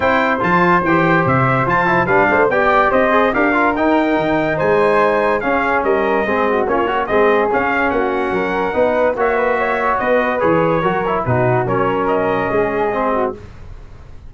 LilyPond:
<<
  \new Staff \with { instrumentName = "trumpet" } { \time 4/4 \tempo 4 = 144 g''4 a''4 g''4 e''4 | a''4 f''4 g''4 dis''4 | f''4 g''2 gis''4~ | gis''4 f''4 dis''2 |
cis''4 dis''4 f''4 fis''4~ | fis''2 e''2 | dis''4 cis''2 b'4 | cis''4 dis''2. | }
  \new Staff \with { instrumentName = "flute" } { \time 4/4 c''1~ | c''4 b'8 c''8 d''4 c''4 | ais'2. c''4~ | c''4 gis'4 ais'4 gis'8 fis'8 |
f'8 cis'8 gis'2 fis'4 | ais'4 b'4 cis''8 b'8 cis''4 | b'2 ais'4 fis'4 | ais'2 gis'4. fis'8 | }
  \new Staff \with { instrumentName = "trombone" } { \time 4/4 e'4 f'4 g'2 | f'8 e'8 d'4 g'4. gis'8 | g'8 f'8 dis'2.~ | dis'4 cis'2 c'4 |
cis'8 fis'8 c'4 cis'2~ | cis'4 dis'4 fis'2~ | fis'4 gis'4 fis'8 e'8 dis'4 | cis'2. c'4 | }
  \new Staff \with { instrumentName = "tuba" } { \time 4/4 c'4 f4 e4 c4 | f4 g8 a8 b4 c'4 | d'4 dis'4 dis4 gis4~ | gis4 cis'4 g4 gis4 |
ais4 gis4 cis'4 ais4 | fis4 b4 ais2 | b4 e4 fis4 b,4 | fis2 gis2 | }
>>